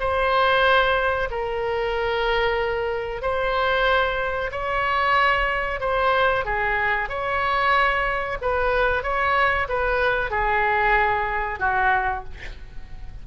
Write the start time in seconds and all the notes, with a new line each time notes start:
0.00 C5
1.31 A#4
3.22 C5
4.52 C#5
5.81 C5
6.45 G#4
7.09 C#5
8.41 B4
9.03 C#5
9.69 B4
10.31 G#4
11.60 F#4